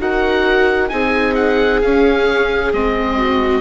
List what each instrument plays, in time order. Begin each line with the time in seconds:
0.00 bassoon D#4, viola F#4 A#4, oboe F#5
0.89 bassoon C4, viola D#4 G#4, oboe G#5
1.35 oboe F#5
1.82 bassoon C#4, viola C#4, oboe F5
2.73 bassoon G#3, viola C4, oboe D#5
3.18 viola F#4